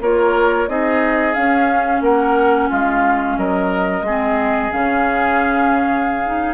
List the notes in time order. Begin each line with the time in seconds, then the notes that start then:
0.00 A#3 F4 A#4 C#5
0.68 C4 D#4 G#4 D#5
1.34 C#4 F5
2.01 A#3 A#4 F#5
2.69 G#3 F4 F5
3.37 F#3 A#4 D#5
4.01 G#3 C4 G#4
4.71 C#3 C#4 F5
6.25 D#4